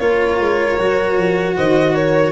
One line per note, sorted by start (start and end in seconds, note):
0.00 0.40 A#3
0.00 0.79 F4
0.00 1.56 A#4
0.00 1.56 C#5
0.40 0.79 G#3
0.79 1.17 F#3
0.79 2.32 F#4
1.17 1.56 F3
1.57 2.32 D#3
1.57 1.94 C5
1.57 1.95 D#5
1.94 2.32 A#4
1.94 2.32 C#5